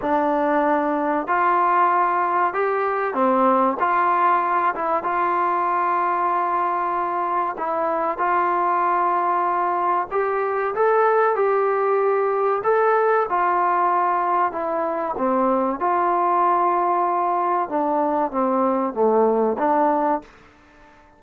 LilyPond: \new Staff \with { instrumentName = "trombone" } { \time 4/4 \tempo 4 = 95 d'2 f'2 | g'4 c'4 f'4. e'8 | f'1 | e'4 f'2. |
g'4 a'4 g'2 | a'4 f'2 e'4 | c'4 f'2. | d'4 c'4 a4 d'4 | }